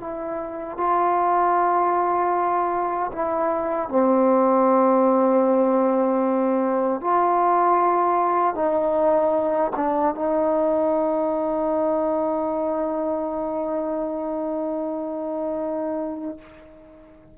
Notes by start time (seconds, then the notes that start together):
0.00 E4
0.78 F4
3.12 E4
3.89 C4
7.01 F4
8.55 D#4
9.76 D4
10.15 D#4